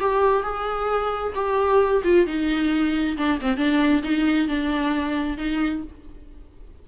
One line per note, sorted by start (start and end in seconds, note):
0.00 0.43 G4
0.43 1.33 G#4
1.35 2.02 G4
2.04 2.26 F4
2.27 3.17 D#4
3.17 3.40 D4
3.41 3.57 C4
3.57 4.03 D4
4.03 4.48 D#4
4.48 5.38 D4
5.38 5.83 D#4